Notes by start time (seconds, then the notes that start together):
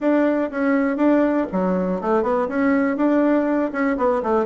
0.00 D4
0.50 C#4
0.96 D4
1.51 F#3
2.01 A3
2.22 B3
2.48 C#4
2.97 D4
3.72 C#4
3.97 B3
4.22 A3